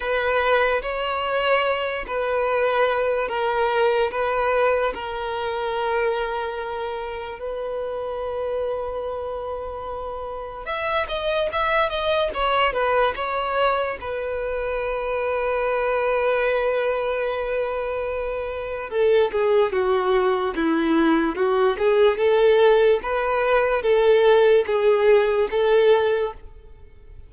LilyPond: \new Staff \with { instrumentName = "violin" } { \time 4/4 \tempo 4 = 73 b'4 cis''4. b'4. | ais'4 b'4 ais'2~ | ais'4 b'2.~ | b'4 e''8 dis''8 e''8 dis''8 cis''8 b'8 |
cis''4 b'2.~ | b'2. a'8 gis'8 | fis'4 e'4 fis'8 gis'8 a'4 | b'4 a'4 gis'4 a'4 | }